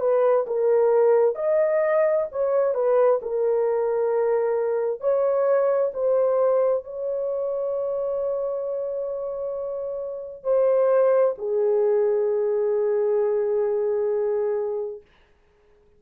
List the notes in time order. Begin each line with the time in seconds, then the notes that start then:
0.00 B4
0.47 A#4
1.36 D#5
2.32 C#5
2.75 B4
3.22 A#4
5.01 C#5
5.94 C5
6.84 C#5
10.44 C5
11.38 G#4